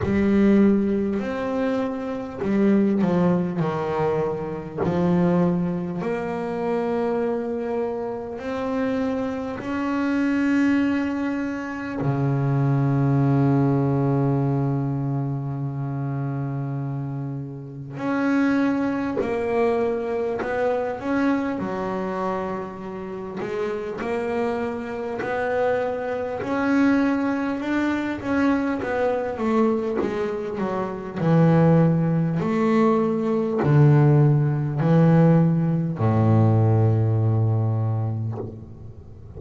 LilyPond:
\new Staff \with { instrumentName = "double bass" } { \time 4/4 \tempo 4 = 50 g4 c'4 g8 f8 dis4 | f4 ais2 c'4 | cis'2 cis2~ | cis2. cis'4 |
ais4 b8 cis'8 fis4. gis8 | ais4 b4 cis'4 d'8 cis'8 | b8 a8 gis8 fis8 e4 a4 | d4 e4 a,2 | }